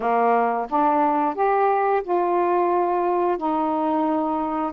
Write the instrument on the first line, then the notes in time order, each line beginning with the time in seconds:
saxophone
0.00 A#3
0.69 D4
1.35 G4
2.03 F4
3.37 D#4